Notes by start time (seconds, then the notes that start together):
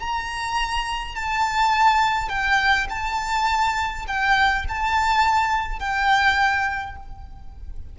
0.00 A#5
1.15 A5
2.29 G5
2.89 A5
4.07 G5
4.69 A5
5.79 G5